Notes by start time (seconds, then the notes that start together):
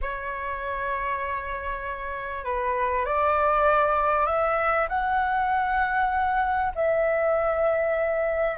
0.01 C#5
2.44 B4
3.05 D5
4.26 E5
4.88 F#5
6.75 E5